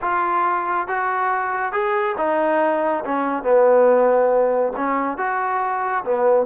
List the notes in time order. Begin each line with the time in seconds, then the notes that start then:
0.01 F4
0.87 F#4
1.72 G#4
2.17 D#4
3.05 C#4
3.43 B3
4.76 C#4
5.17 F#4
6.04 B3